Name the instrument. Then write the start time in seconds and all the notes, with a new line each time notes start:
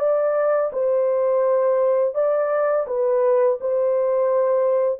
horn
0.00 D5
0.73 C5
2.15 D5
2.87 B4
3.61 C5